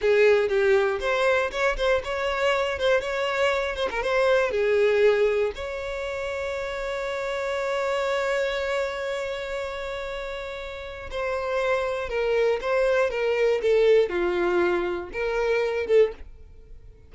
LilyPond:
\new Staff \with { instrumentName = "violin" } { \time 4/4 \tempo 4 = 119 gis'4 g'4 c''4 cis''8 c''8 | cis''4. c''8 cis''4. c''16 ais'16 | c''4 gis'2 cis''4~ | cis''1~ |
cis''1~ | cis''2 c''2 | ais'4 c''4 ais'4 a'4 | f'2 ais'4. a'8 | }